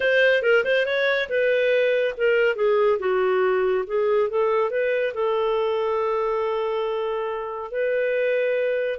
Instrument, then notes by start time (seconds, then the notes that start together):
clarinet
0.00 C5
0.42 A#4
0.64 C5
0.86 C#5
1.29 B4
2.17 A#4
2.55 G#4
2.99 F#4
3.86 G#4
4.29 A4
4.70 B4
5.14 A4
7.71 B4